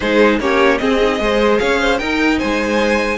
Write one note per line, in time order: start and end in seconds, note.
0.00 0.39 G#3
0.00 0.41 D#4
0.00 0.40 G#4
0.00 0.39 C5
0.39 0.79 A#3
0.39 0.79 C#4
0.39 0.81 G4
0.39 0.78 C#5
0.78 0.99 C4
0.78 1.19 C4
0.78 1.21 G#4
0.78 1.58 D#5
1.01 1.18 D#4
1.18 1.59 G#3
1.18 1.98 G#4
1.18 1.60 C5
1.59 2.01 C#4
1.59 1.80 C#5
1.59 1.98 F5
1.80 1.99 C5
1.98 3.18 D#4
1.98 2.41 D#4
1.98 2.38 A#4
1.98 2.38 G5
2.38 3.18 G#3
2.38 3.18 C5
2.38 3.18 G#5